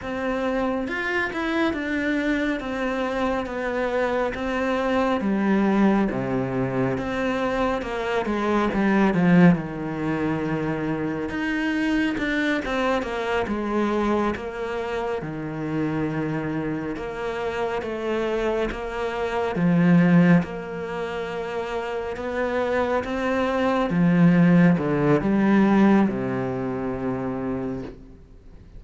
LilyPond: \new Staff \with { instrumentName = "cello" } { \time 4/4 \tempo 4 = 69 c'4 f'8 e'8 d'4 c'4 | b4 c'4 g4 c4 | c'4 ais8 gis8 g8 f8 dis4~ | dis4 dis'4 d'8 c'8 ais8 gis8~ |
gis8 ais4 dis2 ais8~ | ais8 a4 ais4 f4 ais8~ | ais4. b4 c'4 f8~ | f8 d8 g4 c2 | }